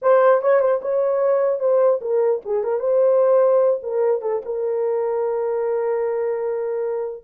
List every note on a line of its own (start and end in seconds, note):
0.01 0.41 C5
0.41 0.60 C#5
0.60 0.80 C5
0.81 1.59 C#5
1.59 2.00 C5
2.01 2.41 A#4
2.45 2.63 G#4
2.63 2.79 A#4
2.79 3.80 C5
3.82 4.21 A#4
4.21 4.41 A4
4.45 7.24 A#4